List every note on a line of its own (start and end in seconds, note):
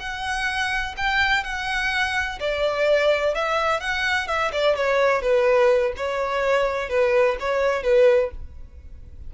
0.00 0.95 F#5
0.97 1.44 G5
1.44 2.39 F#5
2.40 3.35 D5
3.35 3.81 E5
3.81 4.28 F#5
4.28 4.52 E5
4.53 4.76 D5
4.76 5.22 C#5
5.22 5.94 B4
5.97 6.90 C#5
6.90 7.37 B4
7.40 7.83 C#5
7.83 8.31 B4